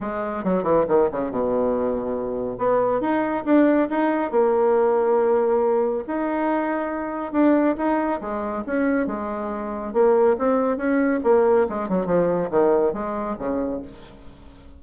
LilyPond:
\new Staff \with { instrumentName = "bassoon" } { \time 4/4 \tempo 4 = 139 gis4 fis8 e8 dis8 cis8 b,4~ | b,2 b4 dis'4 | d'4 dis'4 ais2~ | ais2 dis'2~ |
dis'4 d'4 dis'4 gis4 | cis'4 gis2 ais4 | c'4 cis'4 ais4 gis8 fis8 | f4 dis4 gis4 cis4 | }